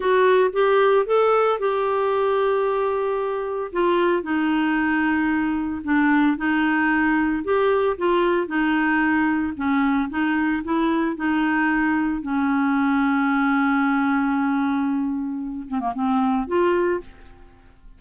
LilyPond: \new Staff \with { instrumentName = "clarinet" } { \time 4/4 \tempo 4 = 113 fis'4 g'4 a'4 g'4~ | g'2. f'4 | dis'2. d'4 | dis'2 g'4 f'4 |
dis'2 cis'4 dis'4 | e'4 dis'2 cis'4~ | cis'1~ | cis'4. c'16 ais16 c'4 f'4 | }